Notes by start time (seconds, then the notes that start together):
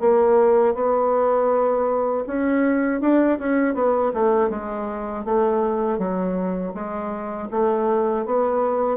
0.00 A#3
0.74 B3
2.27 C#4
3.01 D4
3.39 C#4
3.74 B3
4.14 A3
4.50 G#3
5.25 A3
5.98 F#3
6.74 G#3
7.51 A3
8.25 B3